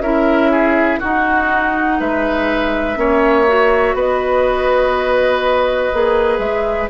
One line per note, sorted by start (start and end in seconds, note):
0.00 0.98 C#4
0.00 1.02 E4
0.00 0.52 A#4
0.00 1.00 E5
0.52 1.00 G#4
1.00 2.96 D#4
1.00 2.01 D#4
1.00 1.98 F#4
1.00 2.01 F#5
2.00 2.97 G#3
2.00 2.99 B4
2.00 3.97 E5
2.96 3.94 A#3
2.96 3.45 C#4
2.96 3.96 C#5
3.48 5.94 F#4
3.94 5.91 B3
3.94 6.90 B4
3.94 6.39 D#5
5.94 6.39 A#3
5.94 6.90 G#4
6.39 6.88 G#3
6.39 6.88 E5